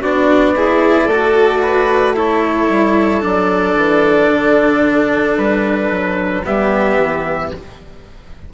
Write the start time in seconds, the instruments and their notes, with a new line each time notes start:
0.00 bassoon B3, cello D4, violin F#4, trumpet D5
0.55 cello E4, violin G#4
1.05 bassoon A3, violin A4
1.11 cello F#4
1.62 violin B4
2.14 cello E4, violin A4, trumpet C#5
2.69 bassoon G3
3.21 bassoon F#3, cello D4, trumpet D5
3.75 bassoon E3
4.29 bassoon D3
5.37 bassoon G3, trumpet B4
5.91 bassoon F#3
6.44 bassoon G3, cello B3, violin G4, trumpet E5
6.97 bassoon E3